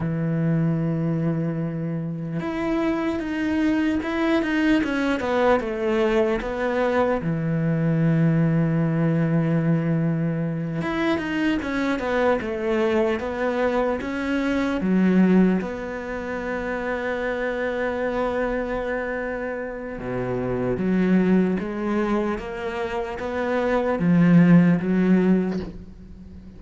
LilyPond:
\new Staff \with { instrumentName = "cello" } { \time 4/4 \tempo 4 = 75 e2. e'4 | dis'4 e'8 dis'8 cis'8 b8 a4 | b4 e2.~ | e4. e'8 dis'8 cis'8 b8 a8~ |
a8 b4 cis'4 fis4 b8~ | b1~ | b4 b,4 fis4 gis4 | ais4 b4 f4 fis4 | }